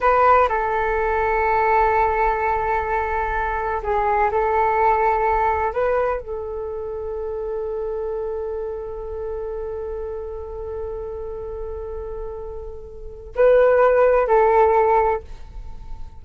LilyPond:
\new Staff \with { instrumentName = "flute" } { \time 4/4 \tempo 4 = 126 b'4 a'2.~ | a'1 | gis'4 a'2. | b'4 a'2.~ |
a'1~ | a'1~ | a'1 | b'2 a'2 | }